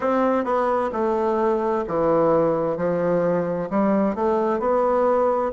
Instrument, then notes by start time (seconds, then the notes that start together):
bassoon
0.00 C4
0.44 B3
0.92 A3
1.87 E3
2.77 F3
3.69 G3
4.15 A3
4.59 B3